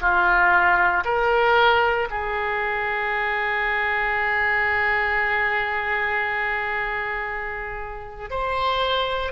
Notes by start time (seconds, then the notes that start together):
0.00 F4
1.04 A#4
2.10 G#4
8.30 C5